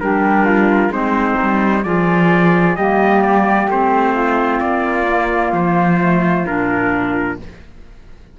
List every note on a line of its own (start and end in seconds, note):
0.00 0.89 G3
0.00 0.91 D4
0.00 0.45 G4
0.00 0.92 A#4
0.45 0.91 F4
0.89 1.35 G#3
0.89 1.83 C4
0.89 1.85 D#4
0.89 1.84 C5
1.42 1.84 G3
1.84 2.76 F3
1.84 2.77 F4
1.84 2.77 G#4
1.84 2.76 D5
2.76 3.68 G3
2.76 3.71 A#3
2.76 4.14 G4
2.76 3.22 D#5
3.22 3.68 D5
3.68 4.60 A3
3.68 5.06 C4
3.68 4.60 C5
4.14 7.37 F4
4.60 5.52 A#3
4.60 5.52 D5
5.06 5.98 A#3
5.52 6.45 F3
5.52 6.47 C5
6.00 6.46 A3
6.46 7.39 A#2
6.46 7.39 D4
6.46 7.39 A#4